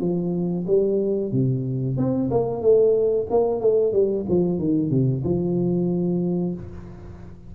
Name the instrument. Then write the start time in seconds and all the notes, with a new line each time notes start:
tuba
0.00 F3
0.67 G3
1.32 C3
1.97 C4
2.31 A#3
2.61 A3
3.30 A#3
3.60 A3
3.92 G3
4.29 F3
4.58 D#3
4.90 C3
5.24 F3